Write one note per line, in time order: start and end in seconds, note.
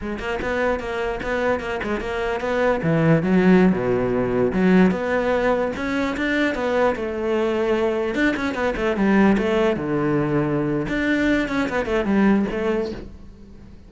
0.01 0.19 G#3
0.19 0.39 A#3
0.41 0.79 B3
0.79 1.20 A#3
1.22 1.59 B3
1.59 1.80 A#3
1.83 2.00 G#3
2.00 2.40 A#3
2.40 2.80 B3
2.82 3.22 E3
3.22 3.72 F#3
3.72 4.52 B2
4.52 4.91 F#3
4.91 5.71 B3
5.76 6.16 C#4
6.16 6.54 D4
6.54 6.95 B3
6.95 8.14 A3
8.14 8.34 D4
8.36 8.54 C#4
8.54 8.74 B3
8.76 8.96 A3
8.96 9.36 G3
9.37 9.76 A3
9.76 10.87 D3
10.88 11.48 D4
11.48 11.68 C#4
11.69 11.85 B3
11.85 12.05 A3
12.05 12.45 G3
12.51 12.91 A3